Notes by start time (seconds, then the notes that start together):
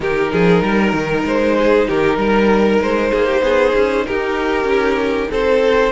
0.00 D#3 D#4 G4 A#4
0.32 F3 G#4
0.61 G3 A#4
0.92 D#3
1.25 G#3 C5
1.57 G#4
1.87 D#3 G4 A#4
2.17 G3 A#4
2.80 G#3 C5
3.11 A#3 G#4
3.26 G4
3.40 B3 G#4
3.75 C#4
4.06 D#4 G4 A#4
4.64 C#4
5.30 C4 A4 C5